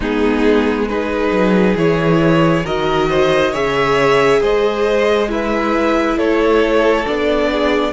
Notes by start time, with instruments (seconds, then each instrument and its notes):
0.00 cello G#3, viola B3, violin D#4 G#4
0.87 viola D#4, violin G#4 B4
1.31 cello F#3
1.76 cello E3, viola E4, violin C#5
2.64 cello D#3, viola F#4, violin A#4 D#5
3.09 violin C5
3.51 cello C#3, viola G#4, violin C#5 E5
4.41 cello G#3, violin C5 D#5
5.28 viola E4, violin B4 E5
6.17 cello A3, violin A4 C#5
7.05 cello B3, viola D4, violin D5
7.51 violin G#4